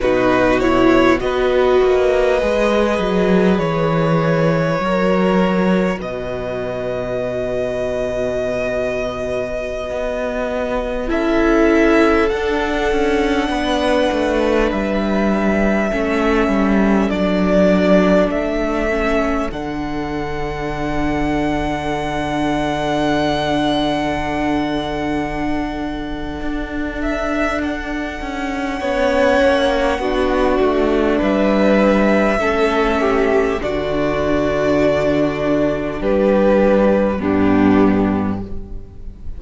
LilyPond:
<<
  \new Staff \with { instrumentName = "violin" } { \time 4/4 \tempo 4 = 50 b'8 cis''8 dis''2 cis''4~ | cis''4 dis''2.~ | dis''4~ dis''16 e''4 fis''4.~ fis''16~ | fis''16 e''2 d''4 e''8.~ |
e''16 fis''2.~ fis''8.~ | fis''2~ fis''8 e''8 fis''4~ | fis''2 e''2 | d''2 b'4 g'4 | }
  \new Staff \with { instrumentName = "violin" } { \time 4/4 fis'4 b'2. | ais'4 b'2.~ | b'4~ b'16 a'2 b'8.~ | b'4~ b'16 a'2~ a'8.~ |
a'1~ | a'1 | cis''4 fis'4 b'4 a'8 g'8 | fis'2 g'4 d'4 | }
  \new Staff \with { instrumentName = "viola" } { \time 4/4 dis'8 e'8 fis'4 gis'2 | fis'1~ | fis'4~ fis'16 e'4 d'4.~ d'16~ | d'4~ d'16 cis'4 d'4. cis'16~ |
cis'16 d'2.~ d'8.~ | d'1 | cis'4 d'2 cis'4 | d'2. b4 | }
  \new Staff \with { instrumentName = "cello" } { \time 4/4 b,4 b8 ais8 gis8 fis8 e4 | fis4 b,2.~ | b,16 b4 cis'4 d'8 cis'8 b8 a16~ | a16 g4 a8 g8 fis4 a8.~ |
a16 d2.~ d8.~ | d2 d'4. cis'8 | b8 ais8 b8 a8 g4 a4 | d2 g4 g,4 | }
>>